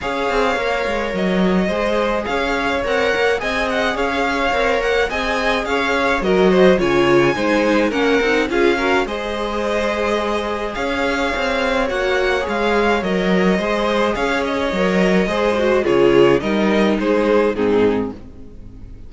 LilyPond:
<<
  \new Staff \with { instrumentName = "violin" } { \time 4/4 \tempo 4 = 106 f''2 dis''2 | f''4 fis''4 gis''8 fis''8 f''4~ | f''8 fis''8 gis''4 f''4 dis''4 | gis''2 fis''4 f''4 |
dis''2. f''4~ | f''4 fis''4 f''4 dis''4~ | dis''4 f''8 dis''2~ dis''8 | cis''4 dis''4 c''4 gis'4 | }
  \new Staff \with { instrumentName = "violin" } { \time 4/4 cis''2. c''4 | cis''2 dis''4 cis''4~ | cis''4 dis''4 cis''4 ais'8 c''8 | cis''4 c''4 ais'4 gis'8 ais'8 |
c''2. cis''4~ | cis''1 | c''4 cis''2 c''4 | gis'4 ais'4 gis'4 dis'4 | }
  \new Staff \with { instrumentName = "viola" } { \time 4/4 gis'4 ais'2 gis'4~ | gis'4 ais'4 gis'2 | ais'4 gis'2 fis'4 | f'4 dis'4 cis'8 dis'8 f'8 fis'8 |
gis'1~ | gis'4 fis'4 gis'4 ais'4 | gis'2 ais'4 gis'8 fis'8 | f'4 dis'2 c'4 | }
  \new Staff \with { instrumentName = "cello" } { \time 4/4 cis'8 c'8 ais8 gis8 fis4 gis4 | cis'4 c'8 ais8 c'4 cis'4 | c'8 ais8 c'4 cis'4 fis4 | cis4 gis4 ais8 c'8 cis'4 |
gis2. cis'4 | c'4 ais4 gis4 fis4 | gis4 cis'4 fis4 gis4 | cis4 g4 gis4 gis,4 | }
>>